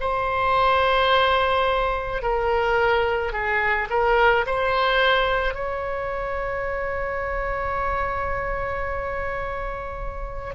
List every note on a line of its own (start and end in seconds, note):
0.00 2.22 C5
2.22 3.32 A#4
3.32 3.88 G#4
3.89 4.45 A#4
4.46 5.54 C5
5.54 10.54 C#5